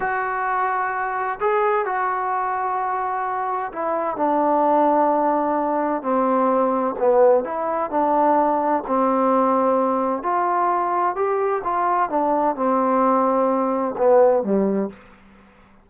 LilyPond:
\new Staff \with { instrumentName = "trombone" } { \time 4/4 \tempo 4 = 129 fis'2. gis'4 | fis'1 | e'4 d'2.~ | d'4 c'2 b4 |
e'4 d'2 c'4~ | c'2 f'2 | g'4 f'4 d'4 c'4~ | c'2 b4 g4 | }